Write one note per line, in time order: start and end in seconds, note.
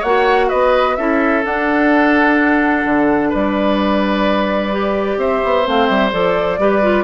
0.00 0.51 A#3
0.00 0.98 F#4
0.00 0.47 C#5
0.00 0.49 F#5
0.49 0.98 B3
0.49 0.97 B4
0.49 0.96 D#5
0.96 1.45 C#4
0.96 1.44 E4
0.96 3.30 A4
0.96 1.43 E5
1.44 4.72 D4
1.44 2.86 D4
1.44 3.33 F#5
2.86 3.33 D3
3.30 5.18 G3
3.30 5.18 B4
3.30 5.21 D5
4.72 5.65 G4
5.18 5.41 C4
5.18 6.60 C5
5.18 5.67 E5
5.44 5.67 B3
5.65 5.90 A3
5.65 6.12 C4
5.65 5.87 F5
5.87 6.13 G3
5.87 6.10 E5
6.12 6.59 F3
6.12 6.59 A4
6.12 7.05 D5
6.59 7.05 G3
6.59 6.83 G4
6.59 7.05 B4
6.83 7.05 F4